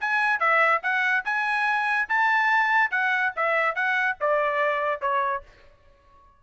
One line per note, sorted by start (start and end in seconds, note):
0.00 0.39 G#5
0.39 0.81 E5
0.82 1.24 F#5
1.24 2.08 G#5
2.09 2.91 A5
2.91 3.32 F#5
3.35 3.75 E5
3.75 4.16 F#5
4.20 5.01 D5
5.01 5.42 C#5